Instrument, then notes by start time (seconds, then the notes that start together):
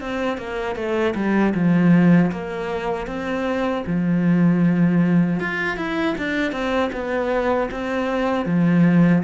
cello
0.00 C4
0.37 A#3
0.75 A3
1.15 G3
1.54 F3
2.31 A#3
3.07 C4
3.86 F3
5.40 F4
5.77 E4
6.18 D4
6.51 C4
6.92 B3
7.71 C4
8.45 F3